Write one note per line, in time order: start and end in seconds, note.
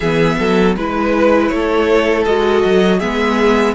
0.00 0.38 E3
0.00 0.78 B3
0.00 0.36 G#4
0.00 0.75 E5
0.38 0.75 F#3
0.38 0.76 A4
0.75 1.50 G#3
0.75 2.26 E4
0.75 1.48 B4
0.75 1.54 B4
1.48 2.26 A3
1.48 2.23 C#5
1.54 2.98 A4
2.25 2.64 G#3
2.25 3.00 F#4
2.25 2.99 D#5
2.64 3.01 F#3
2.98 3.74 G#3
2.98 3.74 B3
2.98 3.73 G#4
2.98 3.74 E5